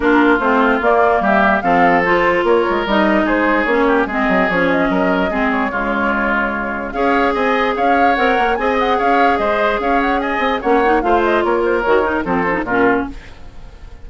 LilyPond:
<<
  \new Staff \with { instrumentName = "flute" } { \time 4/4 \tempo 4 = 147 ais'4 c''4 d''4 e''4 | f''4 c''4 cis''4 dis''4 | c''4 cis''4 dis''4 cis''8 dis''8~ | dis''4. cis''2~ cis''8~ |
cis''4 f''4 gis''4 f''4 | fis''4 gis''8 fis''8 f''4 dis''4 | f''8 fis''8 gis''4 fis''4 f''8 dis''8 | cis''8 c''8 cis''4 c''4 ais'4 | }
  \new Staff \with { instrumentName = "oboe" } { \time 4/4 f'2. g'4 | a'2 ais'2 | gis'4. g'8 gis'2 | ais'4 gis'4 f'2~ |
f'4 cis''4 dis''4 cis''4~ | cis''4 dis''4 cis''4 c''4 | cis''4 dis''4 cis''4 c''4 | ais'2 a'4 f'4 | }
  \new Staff \with { instrumentName = "clarinet" } { \time 4/4 d'4 c'4 ais2 | c'4 f'2 dis'4~ | dis'4 cis'4 c'4 cis'4~ | cis'4 c'4 gis2~ |
gis4 gis'2. | ais'4 gis'2.~ | gis'2 cis'8 dis'8 f'4~ | f'4 fis'8 dis'8 c'8 cis'16 dis'16 cis'4 | }
  \new Staff \with { instrumentName = "bassoon" } { \time 4/4 ais4 a4 ais4 g4 | f2 ais8 gis8 g4 | gis4 ais4 gis8 fis8 f4 | fis4 gis4 cis2~ |
cis4 cis'4 c'4 cis'4 | c'8 ais8 c'4 cis'4 gis4 | cis'4. c'8 ais4 a4 | ais4 dis4 f4 ais,4 | }
>>